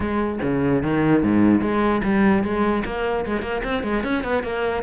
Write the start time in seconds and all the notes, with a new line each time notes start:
0.00 G#3
0.42 C#3
0.82 D#3
1.23 G#2
1.61 G#3
2.03 G3
2.43 G#3
2.85 A#3
3.25 G#3
3.41 A#3
3.64 C4
3.83 G#3
4.03 C#4
4.23 B3
4.43 A#3